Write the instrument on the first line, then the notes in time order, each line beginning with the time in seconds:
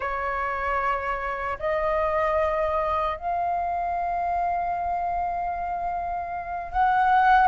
flute
0.00 C#5
1.59 D#5
3.17 F5
6.72 F#5